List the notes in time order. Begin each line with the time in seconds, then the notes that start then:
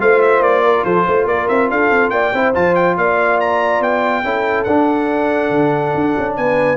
0.00 A3 F4 C5 F5
0.22 E5
0.40 A#3 D5
0.64 A#4
0.84 F3 A4 C5
1.05 A3 C5
1.25 A#3 A#4 D5
1.49 C4 E5
1.71 D4 A4 F5
1.91 C4
2.10 A#3 D5 G5
2.33 C4 E4 C5
2.55 F3 F4 A5
2.75 G5
2.97 A#3 D5 F5
3.41 A#5
3.81 B3 G5
4.24 C#4 E4 A4
4.64 D4 F#5
5.50 D3
5.95 D4
6.18 C#4
6.37 B3 B4 G#5